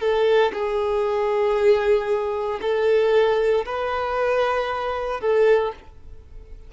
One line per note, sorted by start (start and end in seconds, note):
0.00 0.52 A4
0.53 2.60 G#4
2.61 3.65 A4
3.65 5.21 B4
5.21 5.72 A4